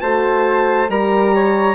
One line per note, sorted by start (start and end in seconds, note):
0.00 0.89 A3
0.00 0.88 F#4
0.00 0.90 C5
0.00 0.89 A5
0.89 1.75 G3
0.89 1.75 G4
0.89 1.34 A#4
0.89 1.75 A#5
1.34 1.75 C#5